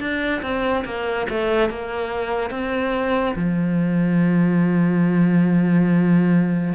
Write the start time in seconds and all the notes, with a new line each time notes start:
0.00 D4
0.43 C4
0.85 A#3
1.30 A3
1.70 A#3
2.51 C4
3.36 F3